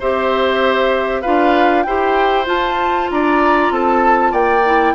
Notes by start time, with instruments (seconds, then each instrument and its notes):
0.00 bassoon C4, clarinet G4, oboe C5, flute E5
1.22 bassoon D4, clarinet F4, oboe B4, flute F5
1.83 bassoon E4, clarinet G4, oboe C5, flute G5
2.45 clarinet F4, bassoon F4, flute A5
3.11 bassoon D4, oboe D5, flute A#5
3.71 bassoon C4, oboe A4, flute A5
4.32 bassoon A#3, oboe D5, flute G5
4.66 clarinet E4